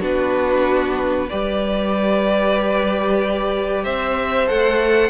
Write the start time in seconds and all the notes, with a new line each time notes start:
0.00 B3 D4 F#4 B4
1.29 G3 G4 B4 D5
3.84 C4 C5 E5
4.47 A3 A4 F#5